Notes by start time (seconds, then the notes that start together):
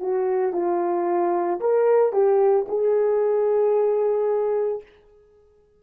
0.00 F#4
0.53 F4
1.61 A#4
2.13 G4
2.68 G#4